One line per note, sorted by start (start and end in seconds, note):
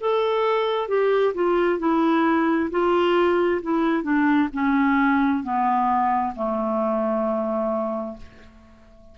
0.00 0.88 A4
0.88 1.33 G4
1.34 1.79 F4
1.79 2.69 E4
2.70 3.61 F4
3.62 4.02 E4
4.02 4.48 D4
4.52 5.43 C#4
5.43 6.34 B3
6.35 8.17 A3